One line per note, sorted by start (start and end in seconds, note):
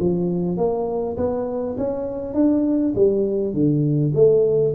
0.00 0.58 F3
0.58 1.17 A#3
1.17 1.77 B3
1.78 2.34 C#4
2.34 2.94 D4
2.96 3.54 G3
3.54 4.13 D3
4.15 4.75 A3